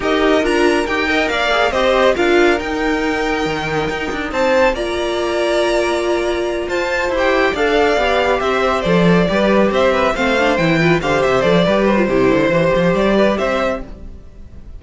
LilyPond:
<<
  \new Staff \with { instrumentName = "violin" } { \time 4/4 \tempo 4 = 139 dis''4 ais''4 g''4 f''4 | dis''4 f''4 g''2~ | g''2 a''4 ais''4~ | ais''2.~ ais''8 a''8~ |
a''8 g''4 f''2 e''8~ | e''8 d''2 e''4 f''8~ | f''8 g''4 f''8 e''8 d''4 c''8~ | c''2 d''4 e''4 | }
  \new Staff \with { instrumentName = "violin" } { \time 4/4 ais'2~ ais'8 dis''8 d''4 | c''4 ais'2.~ | ais'2 c''4 d''4~ | d''2.~ d''8 c''8~ |
c''4. d''2 c''8~ | c''4. b'4 c''8 b'8 c''8~ | c''4 b'8 c''4. b'4 | g'8. c''4.~ c''16 b'8 c''4 | }
  \new Staff \with { instrumentName = "viola" } { \time 4/4 g'4 f'4 g'8 ais'4 gis'8 | g'4 f'4 dis'2~ | dis'2. f'4~ | f'1~ |
f'8 g'4 a'4 g'4.~ | g'8 a'4 g'2 c'8 | d'8 e'8 f'8 g'4 a'8 g'8. f'16 | e'4 g'2. | }
  \new Staff \with { instrumentName = "cello" } { \time 4/4 dis'4 d'4 dis'4 ais4 | c'4 d'4 dis'2 | dis4 dis'8 d'8 c'4 ais4~ | ais2.~ ais8 f'8~ |
f'8 e'4 d'4 b4 c'8~ | c'8 f4 g4 c'4 a8~ | a8 e4 d8 c8 f8 g4 | c8 d8 e8 f8 g4 c'4 | }
>>